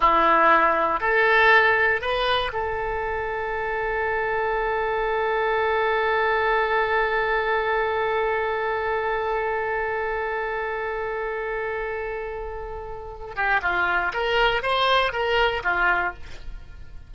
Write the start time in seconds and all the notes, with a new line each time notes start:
0.00 E4
1.00 A4
2.01 B4
2.52 A4
13.35 G4
13.62 F4
14.13 A#4
14.62 C5
15.12 A#4
15.63 F4